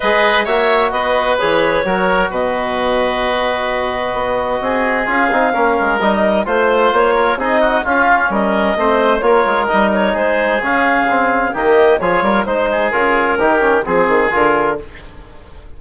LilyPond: <<
  \new Staff \with { instrumentName = "clarinet" } { \time 4/4 \tempo 4 = 130 dis''4 e''4 dis''4 cis''4~ | cis''4 dis''2.~ | dis''2. f''4~ | f''4 dis''4 c''4 cis''4 |
dis''4 f''4 dis''2 | cis''4 dis''8 cis''8 c''4 f''4~ | f''4 dis''4 cis''4 c''4 | ais'2 gis'4 ais'4 | }
  \new Staff \with { instrumentName = "oboe" } { \time 4/4 b'4 cis''4 b'2 | ais'4 b'2.~ | b'2 gis'2 | ais'2 c''4. ais'8 |
gis'8 fis'8 f'4 ais'4 c''4 | ais'2 gis'2~ | gis'4 g'4 gis'8 ais'8 c''8 gis'8~ | gis'4 g'4 gis'2 | }
  \new Staff \with { instrumentName = "trombone" } { \time 4/4 gis'4 fis'2 gis'4 | fis'1~ | fis'2. f'8 dis'8 | cis'4 dis'4 f'2 |
dis'4 cis'2 c'4 | f'4 dis'2 cis'4 | c'4 ais4 f'4 dis'4 | f'4 dis'8 cis'8 c'4 f'4 | }
  \new Staff \with { instrumentName = "bassoon" } { \time 4/4 gis4 ais4 b4 e4 | fis4 b,2.~ | b,4 b4 c'4 cis'8 c'8 | ais8 gis8 g4 a4 ais4 |
c'4 cis'4 g4 a4 | ais8 gis8 g4 gis4 cis4~ | cis4 dis4 f8 g8 gis4 | cis4 dis4 f8 dis8 d4 | }
>>